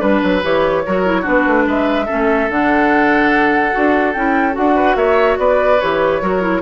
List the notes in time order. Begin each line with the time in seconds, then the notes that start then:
0.00 G3 D4 B4
0.23 F#3
0.44 E3 G4 C#5
0.86 F#3 F#4 A#4
1.06 E4
1.22 B3 D4 F#4 B4
1.47 A3
1.67 G#3 B4 E5
2.06 C#4 A4
2.13 A3
2.50 D3 D4 F#5
3.72 D4 F#4
4.13 C#4 E4 G5
4.53 D4 F#4 F#5
4.76 B4
4.96 A#3 C#5 E5
5.38 B3 B4 D5
5.80 E3 G4 C#5
6.22 F#3 F#4 A#4
6.42 E4